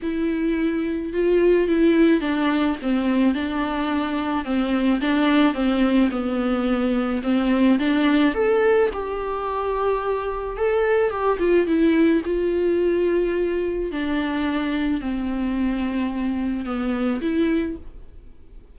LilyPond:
\new Staff \with { instrumentName = "viola" } { \time 4/4 \tempo 4 = 108 e'2 f'4 e'4 | d'4 c'4 d'2 | c'4 d'4 c'4 b4~ | b4 c'4 d'4 a'4 |
g'2. a'4 | g'8 f'8 e'4 f'2~ | f'4 d'2 c'4~ | c'2 b4 e'4 | }